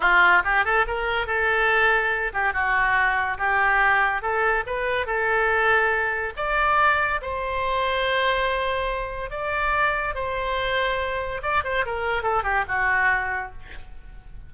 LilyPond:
\new Staff \with { instrumentName = "oboe" } { \time 4/4 \tempo 4 = 142 f'4 g'8 a'8 ais'4 a'4~ | a'4. g'8 fis'2 | g'2 a'4 b'4 | a'2. d''4~ |
d''4 c''2.~ | c''2 d''2 | c''2. d''8 c''8 | ais'4 a'8 g'8 fis'2 | }